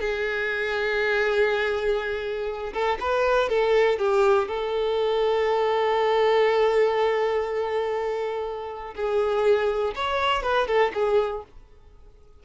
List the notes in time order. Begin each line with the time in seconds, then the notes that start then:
0.00 G#4
2.73 A4
3.00 B4
3.48 A4
3.98 G4
4.48 A4
8.95 G#4
9.95 C#5
10.42 B4
10.67 A4
10.93 G#4